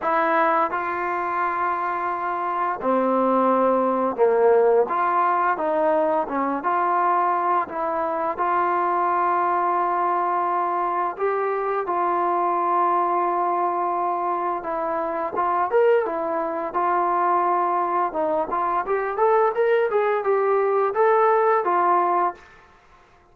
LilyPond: \new Staff \with { instrumentName = "trombone" } { \time 4/4 \tempo 4 = 86 e'4 f'2. | c'2 ais4 f'4 | dis'4 cis'8 f'4. e'4 | f'1 |
g'4 f'2.~ | f'4 e'4 f'8 ais'8 e'4 | f'2 dis'8 f'8 g'8 a'8 | ais'8 gis'8 g'4 a'4 f'4 | }